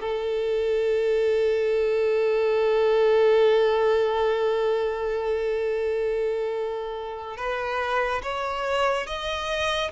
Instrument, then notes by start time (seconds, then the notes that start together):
violin
0.00 A4
7.37 B4
8.22 C#5
9.06 D#5